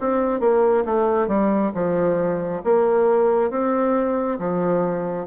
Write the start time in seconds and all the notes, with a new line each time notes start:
0.00 C4
0.40 A#3
0.85 A3
1.28 G3
1.74 F3
2.64 A#3
3.51 C4
4.39 F3